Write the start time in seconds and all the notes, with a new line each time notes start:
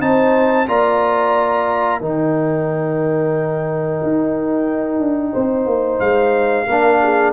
0.00 C4 D#4 C5 A5
0.67 A#3 F4 D5 A#5
2.00 D#3 D#4 A#4 G5
4.03 D#4
5.00 D4
5.33 C4 C5
5.66 A#3
6.00 G#3 F5
6.67 A#3 D4 A#4
7.02 G#4